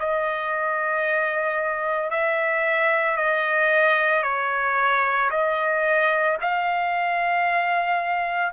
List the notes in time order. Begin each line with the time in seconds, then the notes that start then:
0.00 D#5
2.11 E5
3.17 D#5
4.23 C#5
5.31 D#5
6.41 F5